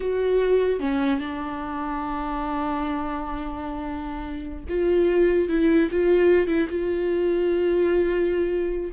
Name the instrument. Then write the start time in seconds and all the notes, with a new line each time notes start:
viola
0.00 F#4
0.79 C#4
1.19 D4
4.68 F4
5.48 E4
5.91 F4
6.47 E4
6.69 F4